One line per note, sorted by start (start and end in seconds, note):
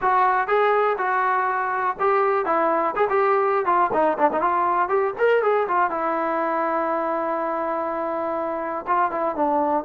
0.01 0.47 F#4
0.47 0.97 G#4
0.97 1.96 F#4
1.99 2.45 G4
2.45 2.94 E4
2.96 3.08 G#4
3.09 3.65 G4
3.65 3.90 F4
3.93 4.17 D#4
4.18 4.30 D4
4.32 4.41 D#4
4.41 4.88 F4
4.88 5.13 G4
5.18 5.42 A#4
5.42 5.67 G#4
5.68 5.90 F4
5.90 8.85 E4
8.87 9.11 F4
9.11 9.35 E4
9.35 9.84 D4